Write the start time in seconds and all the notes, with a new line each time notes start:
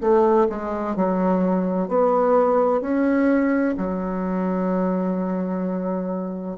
0.00 A3
0.49 G#3
0.95 F#3
1.88 B3
2.81 C#4
3.77 F#3